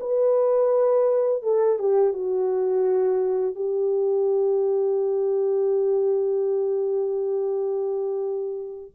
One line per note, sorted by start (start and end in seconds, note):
0.00 1.43 B4
1.43 1.79 A4
1.79 2.13 G4
2.13 3.55 F#4
3.55 8.91 G4